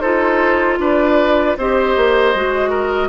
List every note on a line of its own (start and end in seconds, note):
0.00 0.78 D#4
0.00 1.58 F4
0.00 0.78 A4
0.00 0.77 C5
0.79 1.55 D4
0.79 1.58 B4
0.79 1.57 D5
1.57 1.96 C4
1.57 2.35 G4
1.57 2.70 C5
1.57 3.08 D#5
1.96 2.35 A#3
2.35 3.08 G#3
2.35 3.08 F#4
2.70 3.08 A#4